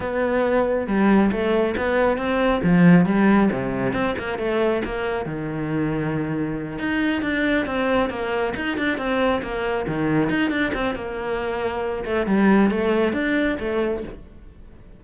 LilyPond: \new Staff \with { instrumentName = "cello" } { \time 4/4 \tempo 4 = 137 b2 g4 a4 | b4 c'4 f4 g4 | c4 c'8 ais8 a4 ais4 | dis2.~ dis8 dis'8~ |
dis'8 d'4 c'4 ais4 dis'8 | d'8 c'4 ais4 dis4 dis'8 | d'8 c'8 ais2~ ais8 a8 | g4 a4 d'4 a4 | }